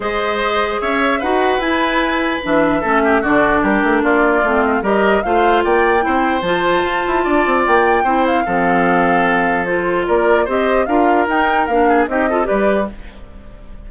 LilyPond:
<<
  \new Staff \with { instrumentName = "flute" } { \time 4/4 \tempo 4 = 149 dis''2 e''4 fis''4 | gis''2 e''2 | d''4 ais'4 d''4. dis''16 f''16 | dis''4 f''4 g''2 |
a''2. g''4~ | g''8 f''2.~ f''8 | c''4 d''4 dis''4 f''4 | g''4 f''4 dis''4 d''4 | }
  \new Staff \with { instrumentName = "oboe" } { \time 4/4 c''2 cis''4 b'4~ | b'2. a'8 g'8 | fis'4 g'4 f'2 | ais'4 c''4 d''4 c''4~ |
c''2 d''2 | c''4 a'2.~ | a'4 ais'4 c''4 ais'4~ | ais'4. gis'8 g'8 a'8 b'4 | }
  \new Staff \with { instrumentName = "clarinet" } { \time 4/4 gis'2. fis'4 | e'2 d'4 cis'4 | d'2. c'4 | g'4 f'2 e'4 |
f'1 | e'4 c'2. | f'2 g'4 f'4 | dis'4 d'4 dis'8 f'8 g'4 | }
  \new Staff \with { instrumentName = "bassoon" } { \time 4/4 gis2 cis'4 dis'4 | e'2 e4 a4 | d4 g8 a8 ais4 a4 | g4 a4 ais4 c'4 |
f4 f'8 e'8 d'8 c'8 ais4 | c'4 f2.~ | f4 ais4 c'4 d'4 | dis'4 ais4 c'4 g4 | }
>>